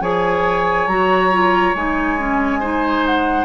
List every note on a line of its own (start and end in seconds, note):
0.00 0.87 F3
0.00 0.88 G#4
0.00 2.60 C#5
0.00 0.87 G#5
0.87 1.74 F#3
0.87 1.31 F#4
0.87 1.74 A#5
1.31 1.75 F4
1.74 3.44 G#3
1.74 2.18 D#4
1.74 3.06 G#5
2.18 2.61 C#4
2.60 3.44 D#4
2.60 3.44 C5
3.06 3.44 F#5